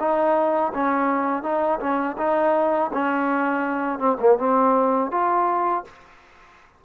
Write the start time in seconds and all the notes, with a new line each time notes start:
0.00 D#4
0.74 C#4
1.43 D#4
1.80 C#4
2.18 D#4
2.94 C#4
3.99 C4
4.20 A#3
4.38 C4
5.12 F4